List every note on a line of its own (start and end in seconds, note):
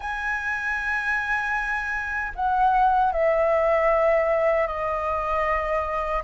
0.00 2.32 G#5
2.35 3.12 F#5
3.12 4.67 E5
4.67 6.23 D#5